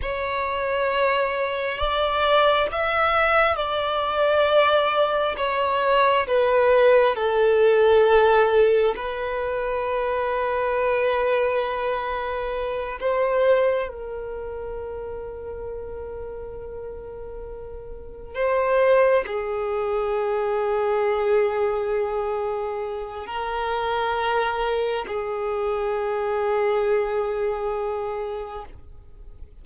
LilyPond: \new Staff \with { instrumentName = "violin" } { \time 4/4 \tempo 4 = 67 cis''2 d''4 e''4 | d''2 cis''4 b'4 | a'2 b'2~ | b'2~ b'8 c''4 ais'8~ |
ais'1~ | ais'8 c''4 gis'2~ gis'8~ | gis'2 ais'2 | gis'1 | }